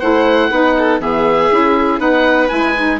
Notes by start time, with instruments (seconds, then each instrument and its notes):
0.00 bassoon A3, saxophone E4, violin C5, oboe F#5
0.50 bassoon B3, saxophone D#4, violin B4
0.78 violin A4
1.00 bassoon E3, saxophone B3, violin G#4, oboe E5
1.52 bassoon C#4, saxophone E4
1.99 bassoon B3, saxophone D#4, violin B4, oboe F#5
2.49 bassoon G#3, saxophone E4, oboe G#5
2.77 saxophone D#4